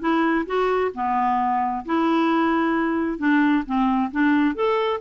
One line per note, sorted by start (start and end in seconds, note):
0.00 0.45 E4
0.46 0.92 F#4
0.94 1.85 B3
1.85 3.18 E4
3.18 3.64 D4
3.66 4.11 C4
4.12 4.55 D4
4.55 5.00 A4